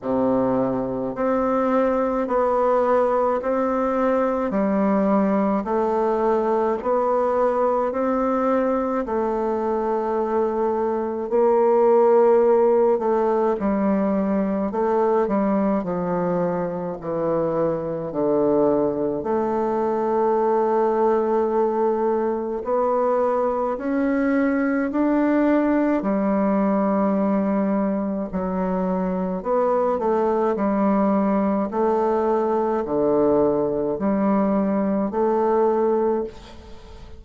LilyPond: \new Staff \with { instrumentName = "bassoon" } { \time 4/4 \tempo 4 = 53 c4 c'4 b4 c'4 | g4 a4 b4 c'4 | a2 ais4. a8 | g4 a8 g8 f4 e4 |
d4 a2. | b4 cis'4 d'4 g4~ | g4 fis4 b8 a8 g4 | a4 d4 g4 a4 | }